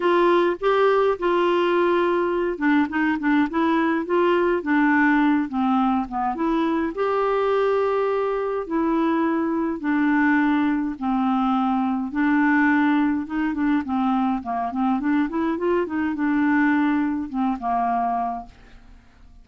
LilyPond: \new Staff \with { instrumentName = "clarinet" } { \time 4/4 \tempo 4 = 104 f'4 g'4 f'2~ | f'8 d'8 dis'8 d'8 e'4 f'4 | d'4. c'4 b8 e'4 | g'2. e'4~ |
e'4 d'2 c'4~ | c'4 d'2 dis'8 d'8 | c'4 ais8 c'8 d'8 e'8 f'8 dis'8 | d'2 c'8 ais4. | }